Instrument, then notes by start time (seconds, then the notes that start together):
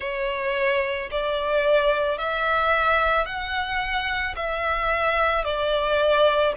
violin
0.00 C#5
1.11 D5
2.18 E5
3.25 F#5
4.35 E5
5.44 D5